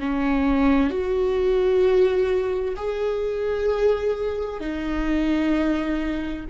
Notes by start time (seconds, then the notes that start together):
0.00 C#4
0.90 F#4
2.76 G#4
4.60 D#4